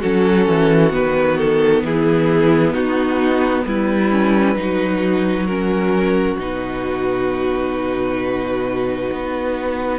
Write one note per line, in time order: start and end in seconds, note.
0.00 0.48 F#3
0.00 0.91 C#4
0.00 1.82 F#4
0.00 0.93 A4
0.48 0.93 E3
0.91 1.84 D#3
0.91 4.09 B3
0.91 1.38 B4
1.38 1.84 A4
1.84 2.75 E3
1.84 2.74 E4
1.84 2.74 G#4
2.74 3.66 B3
2.74 3.65 D#4
2.74 3.65 F#4
3.66 4.55 G3
3.66 4.59 E4
3.66 5.46 B4
4.11 4.56 C#4
4.55 6.37 F#3
4.55 5.47 D#4
4.55 9.99 F#4
5.46 6.39 C#4
5.46 6.37 A#4
6.37 9.10 B2
6.37 9.99 D#4
6.37 9.99 B4
9.12 9.99 B3